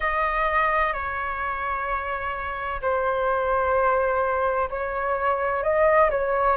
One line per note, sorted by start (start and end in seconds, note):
0.00 0.93 D#5
0.93 2.80 C#5
2.81 4.69 C5
4.70 5.62 C#5
5.62 6.09 D#5
6.10 6.56 C#5